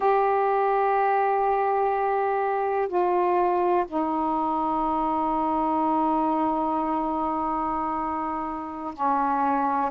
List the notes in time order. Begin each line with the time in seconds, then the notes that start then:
0.00 G4
2.88 F4
3.87 D#4
8.93 C#4